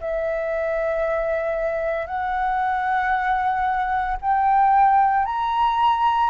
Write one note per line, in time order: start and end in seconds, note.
0.00 2.07 E5
2.07 4.17 F#5
4.22 5.25 G5
5.25 6.30 A#5